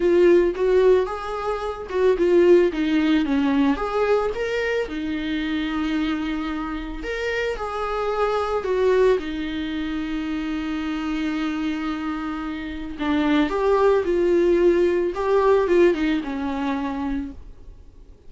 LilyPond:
\new Staff \with { instrumentName = "viola" } { \time 4/4 \tempo 4 = 111 f'4 fis'4 gis'4. fis'8 | f'4 dis'4 cis'4 gis'4 | ais'4 dis'2.~ | dis'4 ais'4 gis'2 |
fis'4 dis'2.~ | dis'1 | d'4 g'4 f'2 | g'4 f'8 dis'8 cis'2 | }